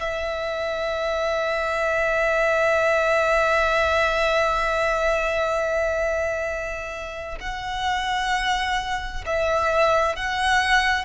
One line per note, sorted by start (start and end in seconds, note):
0.00 7.38 E5
7.41 9.25 F#5
9.26 10.16 E5
10.16 11.05 F#5